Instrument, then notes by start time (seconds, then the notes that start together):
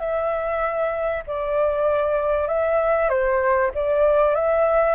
flute
0.00 E5
1.27 D5
2.48 E5
3.10 C5
3.75 D5
4.35 E5